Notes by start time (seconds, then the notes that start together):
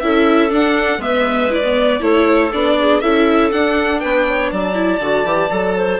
0.00 C#4 E4 A4 E5
0.49 D4 F#5
0.98 G#3 B3 B4 E5
1.50 E4 D5
1.63 B3
2.00 A3 E4 A4 C#5
2.52 B3 D4 D5
2.79 G#4
3.00 C#4 E4 A4 E5
3.52 D4 F#5
4.00 B3 B4 G5
4.29 C#5
4.52 F#3 D5 A5
4.74 E4
5.00 D3 F#4
5.24 E3 G4
5.51 F#3 A4
5.76 C5